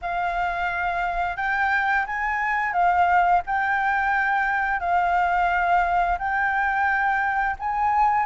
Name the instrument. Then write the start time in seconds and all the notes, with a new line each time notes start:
flute
0.01 F5
1.36 G5
2.06 G#5
2.72 F5
3.46 G5
4.80 F5
6.18 G5
7.59 G#5